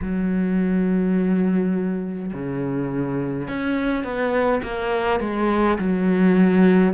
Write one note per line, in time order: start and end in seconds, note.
0.01 2.32 F#3
2.33 3.48 C#3
3.48 4.04 C#4
4.04 4.62 B3
4.63 5.20 A#3
5.20 5.77 G#3
5.78 6.93 F#3